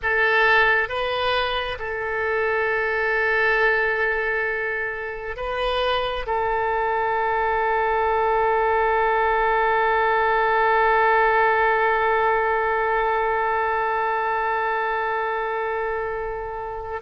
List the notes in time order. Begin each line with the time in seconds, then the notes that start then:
0.02 A4
0.88 B4
1.79 A4
5.36 B4
6.26 A4